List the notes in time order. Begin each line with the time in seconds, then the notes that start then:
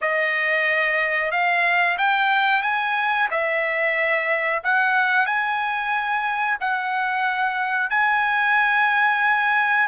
0.01 D#5
1.31 F5
1.98 G5
2.62 G#5
3.30 E5
4.63 F#5
5.25 G#5
6.60 F#5
7.90 G#5